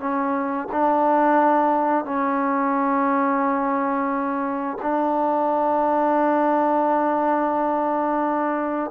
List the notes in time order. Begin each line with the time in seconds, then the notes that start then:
0.00 C#4
0.72 D4
2.05 C#4
4.82 D4